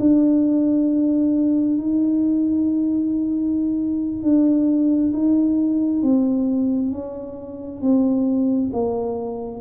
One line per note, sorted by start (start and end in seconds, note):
0.00 1.78 D4
1.78 4.23 D#4
4.23 5.12 D4
5.13 6.02 D#4
6.02 6.92 C4
6.92 7.82 C#4
7.82 8.71 C4
8.73 9.61 A#3